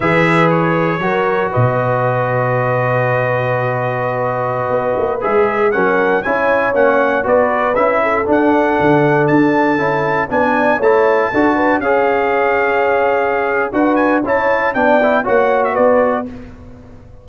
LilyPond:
<<
  \new Staff \with { instrumentName = "trumpet" } { \time 4/4 \tempo 4 = 118 e''4 cis''2 dis''4~ | dis''1~ | dis''2~ dis''16 e''4 fis''8.~ | fis''16 gis''4 fis''4 d''4 e''8.~ |
e''16 fis''2 a''4.~ a''16~ | a''16 gis''4 a''2 f''8.~ | f''2. fis''8 gis''8 | a''4 g''4 fis''8. e''16 d''4 | }
  \new Staff \with { instrumentName = "horn" } { \time 4/4 b'2 ais'4 b'4~ | b'1~ | b'2.~ b'16 ais'8.~ | ais'16 cis''2 b'4. a'16~ |
a'1~ | a'16 d''4 cis''4 a'8 b'8 cis''8.~ | cis''2. b'4 | cis''4 d''4 cis''4 b'4 | }
  \new Staff \with { instrumentName = "trombone" } { \time 4/4 gis'2 fis'2~ | fis'1~ | fis'2~ fis'16 gis'4 cis'8.~ | cis'16 e'4 cis'4 fis'4 e'8.~ |
e'16 d'2. e'8.~ | e'16 d'4 e'4 fis'4 gis'8.~ | gis'2. fis'4 | e'4 d'8 e'8 fis'2 | }
  \new Staff \with { instrumentName = "tuba" } { \time 4/4 e2 fis4 b,4~ | b,1~ | b,4~ b,16 b8 ais8 gis4 fis8.~ | fis16 cis'4 ais4 b4 cis'8.~ |
cis'16 d'4 d4 d'4 cis'8.~ | cis'16 b4 a4 d'4 cis'8.~ | cis'2. d'4 | cis'4 b4 ais4 b4 | }
>>